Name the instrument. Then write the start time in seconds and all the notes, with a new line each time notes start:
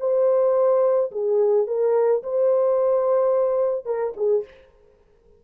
horn
0.00 C5
1.12 G#4
1.67 A#4
2.23 C5
3.86 A#4
4.17 G#4